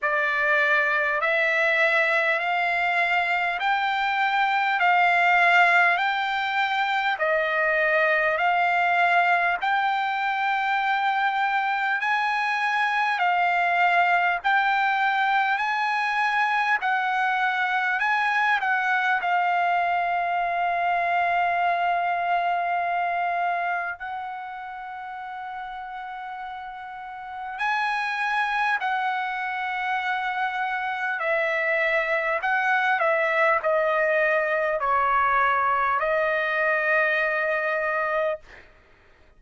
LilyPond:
\new Staff \with { instrumentName = "trumpet" } { \time 4/4 \tempo 4 = 50 d''4 e''4 f''4 g''4 | f''4 g''4 dis''4 f''4 | g''2 gis''4 f''4 | g''4 gis''4 fis''4 gis''8 fis''8 |
f''1 | fis''2. gis''4 | fis''2 e''4 fis''8 e''8 | dis''4 cis''4 dis''2 | }